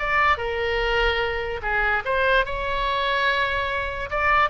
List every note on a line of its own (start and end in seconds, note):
0.00 0.38 D5
0.38 1.61 A#4
1.63 2.04 G#4
2.05 2.46 C5
2.46 4.10 C#5
4.11 4.50 D5